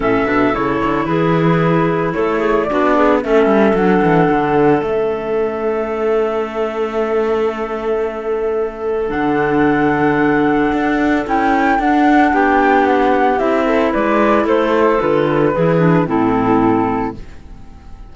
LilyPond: <<
  \new Staff \with { instrumentName = "flute" } { \time 4/4 \tempo 4 = 112 e''4 cis''4 b'2 | cis''4 d''4 e''4 fis''4~ | fis''4 e''2.~ | e''1~ |
e''4 fis''2.~ | fis''4 g''4 fis''4 g''4 | fis''4 e''4 d''4 c''4 | b'2 a'2 | }
  \new Staff \with { instrumentName = "clarinet" } { \time 4/4 a'2 gis'2 | a'8 gis'8 fis'8 gis'8 a'2~ | a'1~ | a'1~ |
a'1~ | a'2. g'4~ | g'4. a'8 b'4 a'4~ | a'4 gis'4 e'2 | }
  \new Staff \with { instrumentName = "clarinet" } { \time 4/4 cis'8 d'8 e'2.~ | e'4 d'4 cis'4 d'4~ | d'4 cis'2.~ | cis'1~ |
cis'4 d'2.~ | d'4 e'4 d'2~ | d'4 e'2. | f'4 e'8 d'8 c'2 | }
  \new Staff \with { instrumentName = "cello" } { \time 4/4 a,8 b,8 cis8 d8 e2 | a4 b4 a8 g8 fis8 e8 | d4 a2.~ | a1~ |
a4 d2. | d'4 cis'4 d'4 b4~ | b4 c'4 gis4 a4 | d4 e4 a,2 | }
>>